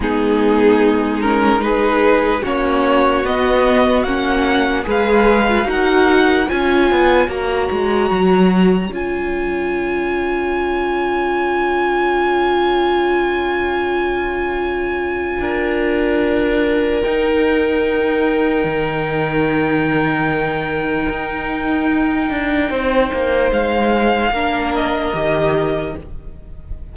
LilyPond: <<
  \new Staff \with { instrumentName = "violin" } { \time 4/4 \tempo 4 = 74 gis'4. ais'8 b'4 cis''4 | dis''4 fis''4 f''4 fis''4 | gis''4 ais''2 gis''4~ | gis''1~ |
gis''1~ | gis''4 g''2.~ | g''1~ | g''4 f''4. dis''4. | }
  \new Staff \with { instrumentName = "violin" } { \time 4/4 dis'2 gis'4 fis'4~ | fis'2 b'4 ais'4 | cis''1~ | cis''1~ |
cis''2. ais'4~ | ais'1~ | ais'1 | c''2 ais'2 | }
  \new Staff \with { instrumentName = "viola" } { \time 4/4 b4. cis'8 dis'4 cis'4 | b4 cis'4 gis'8. f'16 fis'4 | f'4 fis'2 f'4~ | f'1~ |
f'1~ | f'4 dis'2.~ | dis'1~ | dis'2 d'4 g'4 | }
  \new Staff \with { instrumentName = "cello" } { \time 4/4 gis2. ais4 | b4 ais4 gis4 dis'4 | cis'8 b8 ais8 gis8 fis4 cis'4~ | cis'1~ |
cis'2. d'4~ | d'4 dis'2 dis4~ | dis2 dis'4. d'8 | c'8 ais8 gis4 ais4 dis4 | }
>>